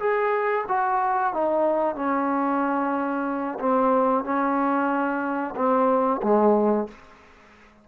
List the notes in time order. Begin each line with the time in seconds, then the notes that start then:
0.00 G#4
0.68 F#4
1.34 D#4
1.96 C#4
3.60 C4
4.25 C#4
5.56 C4
6.23 G#3